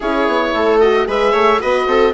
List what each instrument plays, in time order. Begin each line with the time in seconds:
0.00 bassoon C#4, horn E4, viola G#4, oboe C#5
0.27 bassoon B3
0.53 bassoon A3, viola A4
0.80 horn F#4, oboe D#5
1.06 bassoon G#3, horn G#4, viola B4, oboe E5
1.32 bassoon A3, viola C#5
1.60 bassoon B3, horn F#4, viola B4, oboe D#5
1.86 bassoon C4, viola A4